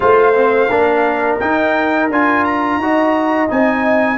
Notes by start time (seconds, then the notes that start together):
0.00 A3 F4 C5 F5
0.33 C4
0.70 A#3 D4 A#4
1.39 D#4 G5
2.09 D4 F4 G#5
2.44 A#5
2.77 D#4 F#4 D#5
3.48 C4 D#4 G#5